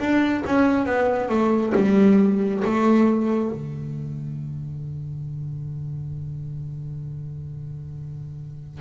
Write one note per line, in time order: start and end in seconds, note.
0.00 0.44 D4
0.46 0.86 C#4
0.86 1.30 B3
1.30 1.73 A3
1.76 2.64 G3
2.65 3.52 A3
3.52 8.81 D3